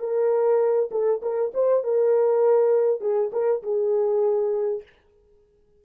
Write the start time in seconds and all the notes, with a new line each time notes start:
0.00 A#4
0.92 A4
1.22 A#4
1.54 C5
1.84 A#4
3.01 G#4
3.33 A#4
3.63 G#4